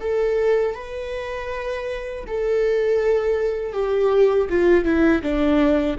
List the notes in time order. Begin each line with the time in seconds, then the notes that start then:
0.00 A4
0.75 B4
2.27 A4
3.73 G4
4.49 F4
4.84 E4
5.22 D4